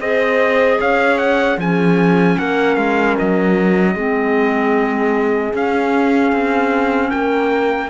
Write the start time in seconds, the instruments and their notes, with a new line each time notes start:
0.00 cello C4, clarinet G#4, horn C5, trumpet D#5
0.79 cello C#4, horn C#5, trumpet F5
1.18 trumpet F#5
1.57 cello F3, clarinet C#4, horn G#4, trumpet G#5
2.38 cello A#3, horn A#4, trumpet F#5
2.76 cello G#3, trumpet F5
3.19 cello F#3, trumpet D#5
3.93 cello G#3, clarinet C4, horn G#4
5.54 cello C#4, clarinet C#4, trumpet F5
6.32 cello C4
7.10 cello A#3, horn A#4, trumpet G5